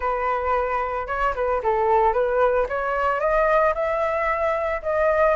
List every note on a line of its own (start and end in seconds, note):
0.00 1.07 B4
1.07 1.33 C#5
1.35 1.61 B4
1.63 2.13 A4
2.13 2.66 B4
2.69 3.20 C#5
3.20 3.73 D#5
3.74 4.81 E5
4.82 5.35 D#5